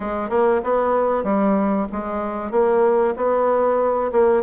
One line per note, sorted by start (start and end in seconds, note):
0.00 0.29 G#3
0.29 0.61 A#3
0.63 1.23 B3
1.23 1.86 G3
1.92 2.51 G#3
2.51 3.14 A#3
3.16 4.11 B3
4.12 4.42 A#3